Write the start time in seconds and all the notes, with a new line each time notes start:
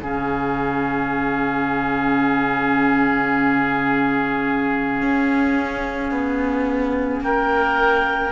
0.00 C#3 C#4 G#4 F5
5.03 C#4
6.12 B3
7.21 A#3 A#4 G5